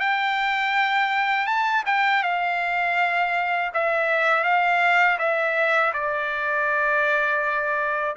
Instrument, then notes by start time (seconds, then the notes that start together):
trumpet
0.00 G5
1.47 A5
1.86 G5
2.24 F5
3.74 E5
4.44 F5
5.19 E5
5.94 D5